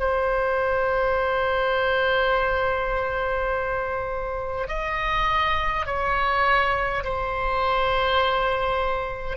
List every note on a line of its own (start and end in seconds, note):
0.00 4.68 C5
4.68 5.86 D#5
5.86 7.04 C#5
7.04 9.37 C5